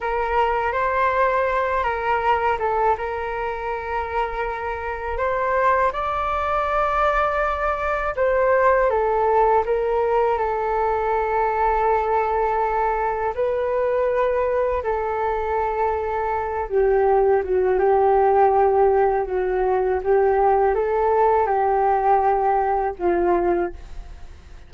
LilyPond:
\new Staff \with { instrumentName = "flute" } { \time 4/4 \tempo 4 = 81 ais'4 c''4. ais'4 a'8 | ais'2. c''4 | d''2. c''4 | a'4 ais'4 a'2~ |
a'2 b'2 | a'2~ a'8 g'4 fis'8 | g'2 fis'4 g'4 | a'4 g'2 f'4 | }